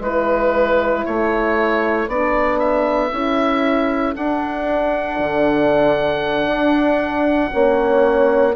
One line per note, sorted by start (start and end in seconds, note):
0.00 1.03 G#3
0.00 2.09 E4
0.00 1.06 B4
0.00 1.04 B4
1.04 2.08 A3
1.04 7.50 A4
1.04 2.09 C#5
2.08 3.11 B3
2.08 3.12 D4
2.08 2.59 D5
2.59 4.14 E5
3.12 4.15 C#4
3.12 4.15 E4
4.15 7.50 D4
4.15 5.19 D4
4.15 8.56 F#5
5.19 6.47 D3
6.47 7.50 D4
7.50 8.56 A#3
7.50 8.54 C#4
7.50 8.56 C#5